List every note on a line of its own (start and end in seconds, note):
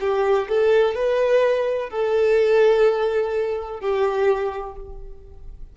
0.00 0.48 G4
0.48 0.94 A4
0.94 1.90 B4
1.90 3.80 A4
3.80 4.75 G4